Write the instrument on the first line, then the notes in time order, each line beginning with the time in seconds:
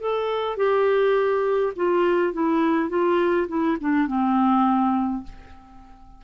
clarinet
0.00 A4
0.57 G4
1.76 F4
2.33 E4
2.89 F4
3.48 E4
3.80 D4
4.07 C4